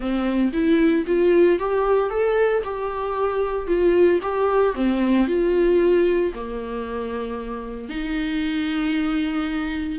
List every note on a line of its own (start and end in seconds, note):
0.00 0.52 C4
0.52 1.05 E4
1.06 1.59 F4
1.59 2.10 G4
2.10 2.62 A4
2.63 3.67 G4
3.67 4.19 F4
4.22 4.74 G4
4.74 5.27 C4
5.27 6.32 F4
6.34 7.89 A#3
7.89 9.99 D#4